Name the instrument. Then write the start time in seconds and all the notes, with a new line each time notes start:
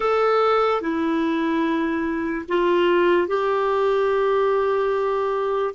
clarinet
0.00 A4
0.81 E4
2.48 F4
3.27 G4